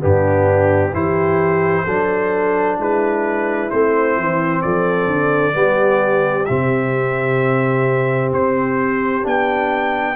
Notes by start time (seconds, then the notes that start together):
0.00 G2 B3 D4 G4
0.93 E3 E4 G4 C5
1.85 F#3 D4 A4
2.78 G#3 E4 B4
3.70 A3 C4 C5
4.17 E3
4.62 F3 A4 D5
5.07 D3
5.53 G3 B3 G4
6.46 C3 C4 E5
8.32 C4 C5
9.22 B3 D4 G5